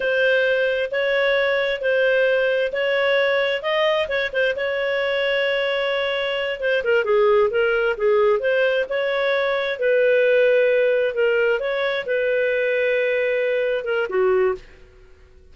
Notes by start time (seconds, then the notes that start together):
0.00 C5
0.91 C#5
1.81 C5
2.72 C#5
3.62 D#5
4.08 C#5
4.32 C5
4.56 C#5
6.60 C5
6.83 A#4
7.04 G#4
7.50 A#4
7.97 G#4
8.39 C5
8.89 C#5
9.79 B4
11.14 A#4
11.59 C#5
12.06 B4
13.84 A#4
14.09 F#4